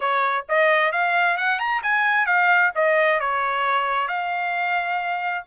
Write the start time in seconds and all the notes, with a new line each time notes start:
0.00 C#5
0.48 D#5
0.92 F5
1.37 F#5
1.59 A#5
1.82 G#5
2.26 F5
2.75 D#5
3.20 C#5
4.08 F5